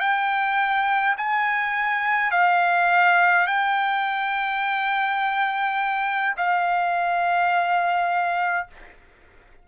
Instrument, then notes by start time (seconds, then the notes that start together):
trumpet
0.00 G5
1.17 G#5
2.31 F5
3.47 G5
6.37 F5